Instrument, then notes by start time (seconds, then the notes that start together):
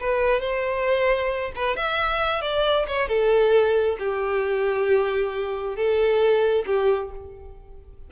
violin
0.00 B4
0.41 C5
1.55 B4
1.76 E5
2.41 D5
2.87 C#5
3.08 A4
3.99 G4
5.76 A4
6.66 G4